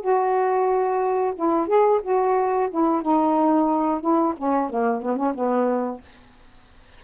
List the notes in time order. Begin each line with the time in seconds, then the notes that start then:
0.00 F#4
1.35 E4
1.67 G#4
2.02 F#4
2.70 E4
3.02 D#4
4.00 E4
4.37 C#4
4.69 A#3
5.02 B3
5.16 C#4
5.34 B3